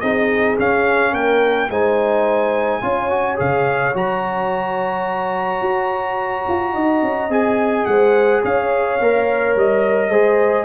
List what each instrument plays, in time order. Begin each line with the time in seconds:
0.00 tuba C4, trombone D#4, horn G#4, trumpet D#5
0.58 trombone C#4, tuba C#4, trumpet F5
1.11 tuba A#3, horn A#4, trumpet G5
1.69 tuba G#3, trombone D#4, horn C5, trumpet G#5
2.81 tuba C#4, trombone F4, horn C#5
3.09 trombone F#4
3.36 tuba C#3, trombone G#4, trumpet F5
3.94 tuba F#3, trombone F#4, trumpet A#5
5.61 tuba F#4
6.48 tuba F4
6.73 tuba D#4, horn D#5
7.02 tuba C#4
7.29 tuba C4, trombone G#4, trumpet G#5
7.85 tuba G#3, horn C5, trumpet F#5
8.42 tuba C#4, horn C#5, trumpet F5
9.00 tuba A#3, trombone A#4
9.56 tuba G3, trumpet D#5
10.09 tuba G#3, trombone G#4, horn C5